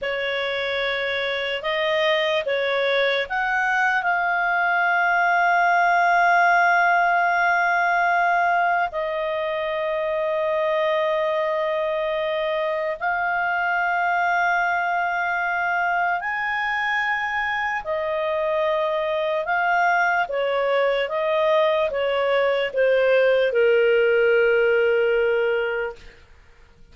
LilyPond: \new Staff \with { instrumentName = "clarinet" } { \time 4/4 \tempo 4 = 74 cis''2 dis''4 cis''4 | fis''4 f''2.~ | f''2. dis''4~ | dis''1 |
f''1 | gis''2 dis''2 | f''4 cis''4 dis''4 cis''4 | c''4 ais'2. | }